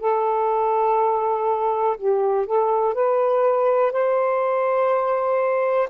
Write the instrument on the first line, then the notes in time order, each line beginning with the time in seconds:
saxophone
0.00 A4
1.97 G4
2.46 A4
2.94 B4
3.92 C5